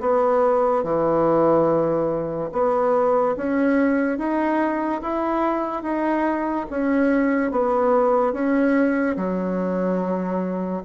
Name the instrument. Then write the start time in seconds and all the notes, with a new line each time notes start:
bassoon
0.00 B3
0.84 E3
2.52 B3
3.37 C#4
4.18 D#4
5.02 E4
5.83 D#4
6.70 C#4
7.52 B3
8.33 C#4
9.17 F#3